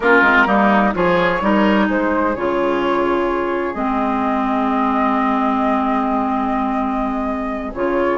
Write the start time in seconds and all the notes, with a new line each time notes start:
0.00 A#3 C#4 F4 A#4
0.22 G#3 C4
0.46 G3 A#3 D#4
0.94 F3 F4 G#4 C#5
1.41 G3 D#4 A#4
1.86 G#3 G#4 C5
2.35 C#3 F4 C#5
3.74 G#3 C4 D#5
7.73 C#3 F4 C#5